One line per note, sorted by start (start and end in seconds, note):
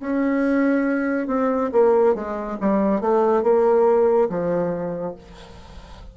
0.00 1.27 C#4
1.27 1.70 C4
1.72 2.15 A#3
2.15 2.58 G#3
2.60 3.00 G3
3.00 3.43 A3
3.43 4.29 A#3
4.29 5.15 F3